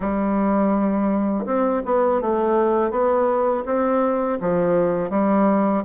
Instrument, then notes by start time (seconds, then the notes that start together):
bassoon
0.00 G3
1.45 C4
1.85 B3
2.21 A3
2.91 B3
3.65 C4
4.40 F3
5.10 G3